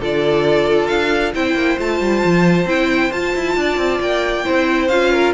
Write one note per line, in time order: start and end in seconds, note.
0.00 0.89 D3
0.00 1.34 F4
0.00 1.33 A4
0.00 0.87 D5
0.87 1.34 D4
0.87 1.32 F5
1.34 1.55 C4
1.34 1.78 E4
1.34 3.57 C5
1.34 1.79 G5
1.55 1.77 A#3
1.78 2.00 A3
1.78 2.67 F4
1.78 2.69 A5
2.00 2.23 G3
2.25 2.65 F3
2.65 3.10 C4
2.65 3.12 E4
2.65 3.12 G5
3.12 3.34 F4
3.12 4.45 F4
3.12 4.01 A5
3.35 3.56 E4
3.56 3.77 D4
3.56 4.45 D5
3.77 4.00 C4
4.00 4.45 A#3
4.00 4.88 G5
4.45 4.89 C4
4.45 4.89 E4
4.45 5.12 C5
4.88 5.34 C#4
4.88 5.34 F4
4.88 5.32 F5
5.12 5.34 A#4